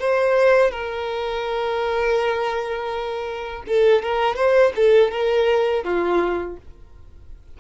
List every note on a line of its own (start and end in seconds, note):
0.00 0.71 C5
0.71 3.64 A#4
3.67 4.03 A4
4.03 4.36 A#4
4.36 4.73 C5
4.76 5.11 A4
5.11 5.84 A#4
5.84 6.57 F4